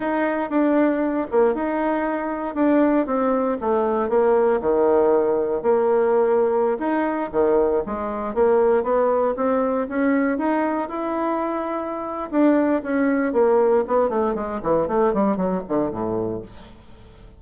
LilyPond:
\new Staff \with { instrumentName = "bassoon" } { \time 4/4 \tempo 4 = 117 dis'4 d'4. ais8 dis'4~ | dis'4 d'4 c'4 a4 | ais4 dis2 ais4~ | ais4~ ais16 dis'4 dis4 gis8.~ |
gis16 ais4 b4 c'4 cis'8.~ | cis'16 dis'4 e'2~ e'8. | d'4 cis'4 ais4 b8 a8 | gis8 e8 a8 g8 fis8 d8 a,4 | }